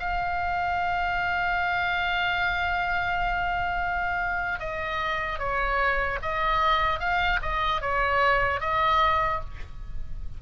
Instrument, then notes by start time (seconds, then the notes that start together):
oboe
0.00 F5
4.60 D#5
5.39 C#5
6.23 D#5
7.00 F5
7.42 D#5
7.81 C#5
8.61 D#5